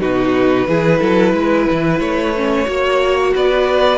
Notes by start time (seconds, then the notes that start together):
0.00 B2 D#4 F#4 B4
0.67 E3 E4 G#4
1.00 F#3 A4
1.33 G#3 B4
1.71 E3
2.00 A3 C#5
2.36 C#4
2.66 A#3 F#4 C#5
3.35 B3 B4 D5